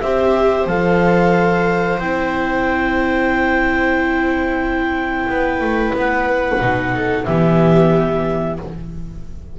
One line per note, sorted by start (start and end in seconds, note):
0.00 0.66 C4
0.00 0.67 G4
0.00 5.30 C5
0.00 0.66 E5
0.66 1.98 F3
0.66 1.99 A4
0.66 1.98 F5
1.98 5.28 C4
1.98 6.60 E4
1.98 5.93 G5
5.29 5.60 B3
5.29 6.94 B4
5.60 5.93 A3
5.94 6.59 B3
5.94 7.25 F#5
6.60 7.26 B2
6.60 7.26 D#4
6.94 7.25 A4
7.25 8.59 E3
7.25 8.59 B3
7.25 8.57 G4
7.25 8.56 E5